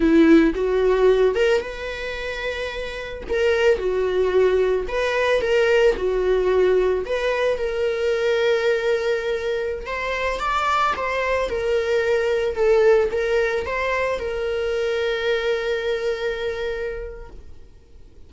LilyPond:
\new Staff \with { instrumentName = "viola" } { \time 4/4 \tempo 4 = 111 e'4 fis'4. ais'8 b'4~ | b'2 ais'4 fis'4~ | fis'4 b'4 ais'4 fis'4~ | fis'4 b'4 ais'2~ |
ais'2~ ais'16 c''4 d''8.~ | d''16 c''4 ais'2 a'8.~ | a'16 ais'4 c''4 ais'4.~ ais'16~ | ais'1 | }